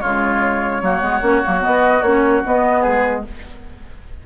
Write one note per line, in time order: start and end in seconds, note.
0.00 0.81 C#3
0.00 0.82 G#3
0.00 0.81 F4
0.00 1.61 C#5
0.81 1.01 F#3
0.81 1.01 A#3
0.81 2.80 F#4
1.01 1.21 G#3
1.01 1.21 B3
1.22 1.42 A#3
1.22 1.42 C#4
1.42 1.65 F#3
1.42 1.59 A#3
1.59 1.99 B3
1.59 2.02 D#5
1.65 2.02 B3
2.02 2.42 A#3
2.02 2.44 C#4
2.02 2.42 C#5
2.44 3.24 B3
2.44 2.86 B3
2.44 2.82 D#5
2.80 3.26 G#3
2.80 3.21 G#4
2.80 3.22 B4